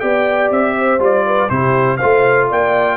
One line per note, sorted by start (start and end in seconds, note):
0.00 0.51 B3
0.00 0.99 G4
0.00 0.76 D5
0.00 0.50 G5
0.51 0.99 C4
0.51 1.01 E5
0.79 1.26 C5
0.99 1.49 G3
0.99 1.49 F4
0.99 1.50 D5
1.26 1.50 B4
1.49 2.00 C3
1.49 1.99 E4
1.49 1.98 G4
1.49 1.97 C5
1.97 2.51 A3
1.97 2.97 F4
1.97 2.48 C5
1.97 2.47 F5
2.49 2.97 A#3
2.49 2.97 D5
2.49 2.97 G5